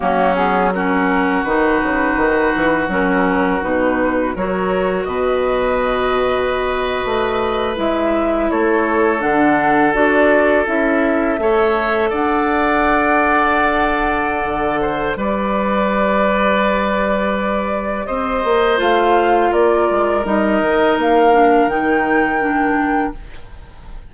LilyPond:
<<
  \new Staff \with { instrumentName = "flute" } { \time 4/4 \tempo 4 = 83 fis'8 gis'8 ais'4 b'2 | ais'4 b'4 cis''4 dis''4~ | dis''2~ dis''8. e''4 cis''16~ | cis''8. fis''4 d''4 e''4~ e''16~ |
e''8. fis''2.~ fis''16~ | fis''4 d''2.~ | d''4 dis''4 f''4 d''4 | dis''4 f''4 g''2 | }
  \new Staff \with { instrumentName = "oboe" } { \time 4/4 cis'4 fis'2.~ | fis'2 ais'4 b'4~ | b'2.~ b'8. a'16~ | a'2.~ a'8. cis''16~ |
cis''8. d''2.~ d''16~ | d''8 c''8 b'2.~ | b'4 c''2 ais'4~ | ais'1 | }
  \new Staff \with { instrumentName = "clarinet" } { \time 4/4 ais8 b8 cis'4 dis'2 | cis'4 dis'4 fis'2~ | fis'2~ fis'8. e'4~ e'16~ | e'8. d'4 fis'4 e'4 a'16~ |
a'1~ | a'4 g'2.~ | g'2 f'2 | dis'4. d'8 dis'4 d'4 | }
  \new Staff \with { instrumentName = "bassoon" } { \time 4/4 fis2 dis8 cis8 dis8 e8 | fis4 b,4 fis4 b,4~ | b,4.~ b,16 a4 gis4 a16~ | a8. d4 d'4 cis'4 a16~ |
a8. d'2.~ d'16 | d4 g2.~ | g4 c'8 ais8 a4 ais8 gis8 | g8 dis8 ais4 dis2 | }
>>